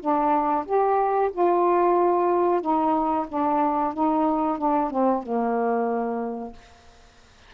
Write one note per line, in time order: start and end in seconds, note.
0.00 0.65 D4
0.66 1.31 G4
1.33 2.61 F4
2.61 3.26 D#4
3.28 3.94 D4
3.94 4.58 D#4
4.58 4.91 D4
4.91 5.23 C4
5.23 6.53 A#3